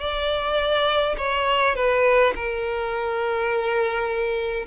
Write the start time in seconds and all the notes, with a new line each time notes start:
0.00 D5
1.17 C#5
1.75 B4
2.35 A#4